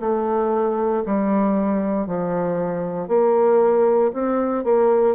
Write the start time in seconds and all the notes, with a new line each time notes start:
0.00 A3
1.06 G3
2.07 F3
3.08 A#3
4.13 C4
4.64 A#3